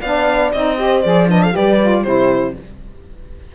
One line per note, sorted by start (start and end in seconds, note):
0.00 0.53 B3
0.00 0.53 D4
0.00 0.76 D5
0.00 0.51 F5
0.52 1.04 C4
0.52 0.77 D#4
0.52 1.02 D#5
0.77 1.02 G4
0.77 1.28 C5
1.02 1.55 F3
1.02 1.28 G#4
1.02 1.27 D5
1.28 1.51 D4
1.28 1.41 B4
1.28 1.43 D#5
1.42 1.54 A4
1.42 1.55 F5
1.51 2.04 G3
1.51 1.77 G4
1.51 2.03 B4
1.51 2.03 D5
1.81 2.04 F4
2.03 2.54 C3
2.03 2.54 E4
2.03 2.53 G4
2.03 2.54 C5